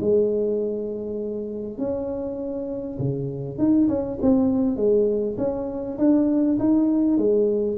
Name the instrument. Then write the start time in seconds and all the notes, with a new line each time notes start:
tuba
0.00 G#3
1.78 C#4
2.98 C#3
3.58 D#4
3.88 C#4
4.21 C4
4.76 G#3
5.38 C#4
5.98 D4
6.59 D#4
7.17 G#3